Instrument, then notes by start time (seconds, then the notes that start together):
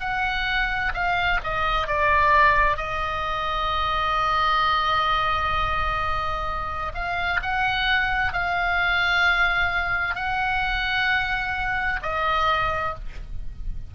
oboe
0.00 F#5
0.94 F5
1.43 D#5
1.87 D5
2.77 D#5
6.94 F5
7.43 F#5
8.33 F5
10.15 F#5
12.03 D#5